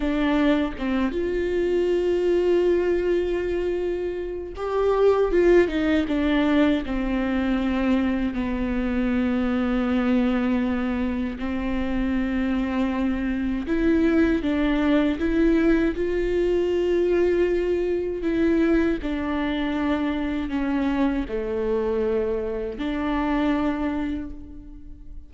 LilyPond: \new Staff \with { instrumentName = "viola" } { \time 4/4 \tempo 4 = 79 d'4 c'8 f'2~ f'8~ | f'2 g'4 f'8 dis'8 | d'4 c'2 b4~ | b2. c'4~ |
c'2 e'4 d'4 | e'4 f'2. | e'4 d'2 cis'4 | a2 d'2 | }